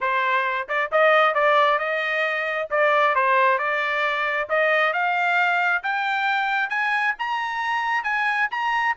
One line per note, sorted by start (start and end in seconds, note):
0.00 0.67 C5
0.68 0.90 D5
0.91 1.34 D#5
1.34 1.78 D5
1.78 2.68 D#5
2.70 3.15 D5
3.15 3.58 C5
3.58 4.48 D5
4.49 4.93 D#5
4.93 5.82 F5
5.83 6.69 G5
6.69 7.14 G#5
7.18 8.03 A#5
8.03 8.48 G#5
8.50 8.95 A#5